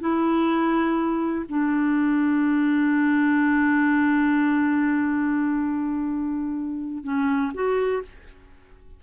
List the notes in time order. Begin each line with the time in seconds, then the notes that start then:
0.00 E4
1.49 D4
7.04 C#4
7.54 F#4